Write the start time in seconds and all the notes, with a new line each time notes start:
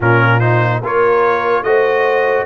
0.00 A#2 C#4 F4 A#4
0.39 D#4 C5
0.82 A#3 F4 A#4 C#5
1.62 A3 F#4 C5 D#5